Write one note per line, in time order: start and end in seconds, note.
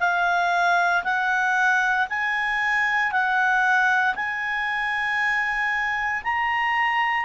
0.00 1.03 F5
1.04 2.07 F#5
2.09 3.11 G#5
3.11 4.15 F#5
4.15 6.22 G#5
6.24 7.25 A#5